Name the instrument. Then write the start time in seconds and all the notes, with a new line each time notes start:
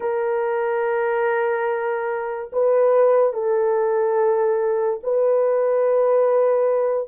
horn
0.00 A#4
2.52 B4
3.33 A4
5.03 B4